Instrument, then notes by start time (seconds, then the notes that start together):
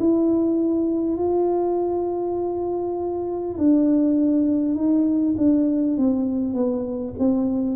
tuba
0.00 E4
1.18 F4
3.58 D4
4.75 D#4
5.38 D4
5.98 C4
6.55 B3
7.19 C4